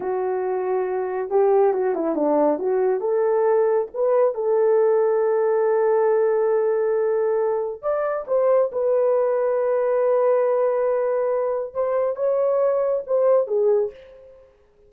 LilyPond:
\new Staff \with { instrumentName = "horn" } { \time 4/4 \tempo 4 = 138 fis'2. g'4 | fis'8 e'8 d'4 fis'4 a'4~ | a'4 b'4 a'2~ | a'1~ |
a'2 d''4 c''4 | b'1~ | b'2. c''4 | cis''2 c''4 gis'4 | }